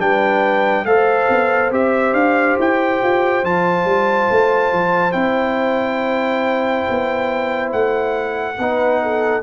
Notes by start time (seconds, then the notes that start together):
0.00 G3 D4 B4 G5
0.85 A3 A4 C5 F5
1.29 B3
1.71 C4 G4 E5
2.13 D4 F5
2.59 E4 G5
3.03 F4
3.43 F3 F4 A5
3.85 G3
4.31 A3
4.72 F3
5.12 C4 E4 G5
6.90 B3
7.72 A3 F#5
8.59 B3 D#4 B4
9.02 A4